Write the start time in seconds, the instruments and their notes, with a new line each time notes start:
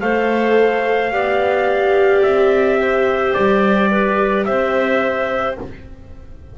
0.00 double bass A3, viola A4, clarinet C5, trumpet F5
1.11 double bass B3, viola G4, clarinet D5
2.22 double bass C4, trumpet E5
2.78 clarinet C5
3.33 double bass G3, trumpet D5
3.91 clarinet B4
4.45 double bass C4, clarinet C5, trumpet E5